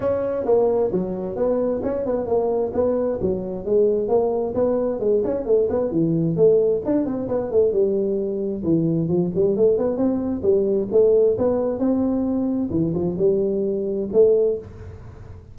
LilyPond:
\new Staff \with { instrumentName = "tuba" } { \time 4/4 \tempo 4 = 132 cis'4 ais4 fis4 b4 | cis'8 b8 ais4 b4 fis4 | gis4 ais4 b4 gis8 cis'8 | a8 b8 e4 a4 d'8 c'8 |
b8 a8 g2 e4 | f8 g8 a8 b8 c'4 g4 | a4 b4 c'2 | e8 f8 g2 a4 | }